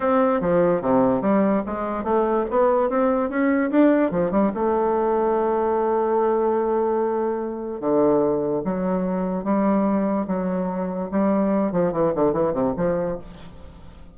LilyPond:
\new Staff \with { instrumentName = "bassoon" } { \time 4/4 \tempo 4 = 146 c'4 f4 c4 g4 | gis4 a4 b4 c'4 | cis'4 d'4 f8 g8 a4~ | a1~ |
a2. d4~ | d4 fis2 g4~ | g4 fis2 g4~ | g8 f8 e8 d8 e8 c8 f4 | }